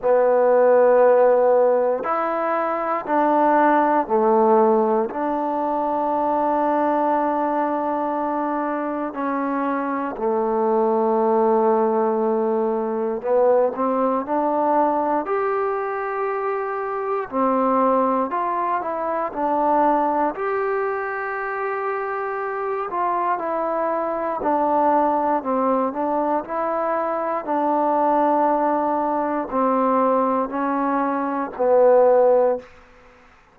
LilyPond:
\new Staff \with { instrumentName = "trombone" } { \time 4/4 \tempo 4 = 59 b2 e'4 d'4 | a4 d'2.~ | d'4 cis'4 a2~ | a4 b8 c'8 d'4 g'4~ |
g'4 c'4 f'8 e'8 d'4 | g'2~ g'8 f'8 e'4 | d'4 c'8 d'8 e'4 d'4~ | d'4 c'4 cis'4 b4 | }